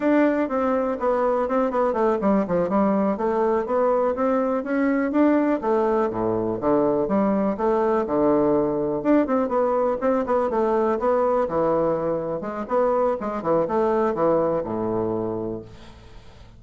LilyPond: \new Staff \with { instrumentName = "bassoon" } { \time 4/4 \tempo 4 = 123 d'4 c'4 b4 c'8 b8 | a8 g8 f8 g4 a4 b8~ | b8 c'4 cis'4 d'4 a8~ | a8 a,4 d4 g4 a8~ |
a8 d2 d'8 c'8 b8~ | b8 c'8 b8 a4 b4 e8~ | e4. gis8 b4 gis8 e8 | a4 e4 a,2 | }